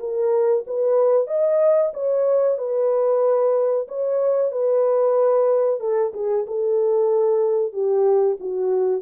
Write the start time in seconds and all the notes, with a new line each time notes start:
0.00 A#4
0.67 B4
1.28 D#5
1.94 C#5
2.58 B4
3.88 C#5
4.52 B4
5.80 A4
6.14 G#4
6.47 A4
7.73 G4
8.40 F#4